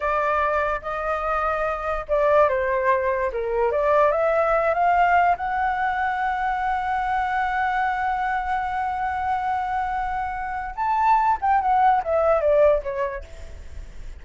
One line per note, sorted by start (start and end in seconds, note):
0.00 0.81 D5
0.81 2.05 D#5
2.08 2.48 D5
2.48 3.31 C5
3.32 3.71 A#4
3.71 4.11 D5
4.11 4.73 E5
4.74 5.36 F5
5.36 10.74 F#5
10.75 11.37 A5
11.41 11.61 G5
11.61 12.02 F#5
12.03 12.40 E5
12.40 12.82 D5
12.82 13.24 C#5